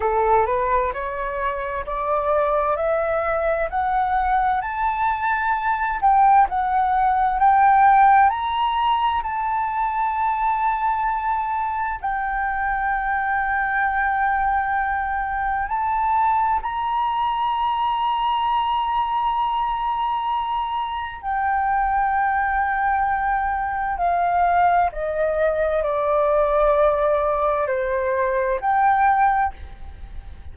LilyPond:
\new Staff \with { instrumentName = "flute" } { \time 4/4 \tempo 4 = 65 a'8 b'8 cis''4 d''4 e''4 | fis''4 a''4. g''8 fis''4 | g''4 ais''4 a''2~ | a''4 g''2.~ |
g''4 a''4 ais''2~ | ais''2. g''4~ | g''2 f''4 dis''4 | d''2 c''4 g''4 | }